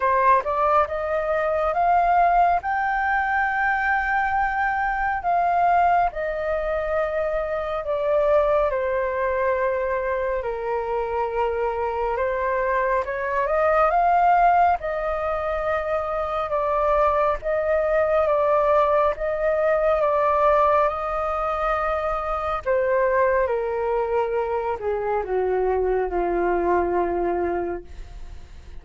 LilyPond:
\new Staff \with { instrumentName = "flute" } { \time 4/4 \tempo 4 = 69 c''8 d''8 dis''4 f''4 g''4~ | g''2 f''4 dis''4~ | dis''4 d''4 c''2 | ais'2 c''4 cis''8 dis''8 |
f''4 dis''2 d''4 | dis''4 d''4 dis''4 d''4 | dis''2 c''4 ais'4~ | ais'8 gis'8 fis'4 f'2 | }